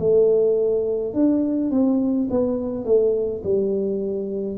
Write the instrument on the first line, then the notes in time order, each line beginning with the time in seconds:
tuba
0.00 A3
1.14 D4
1.71 C4
2.31 B3
2.85 A3
3.44 G3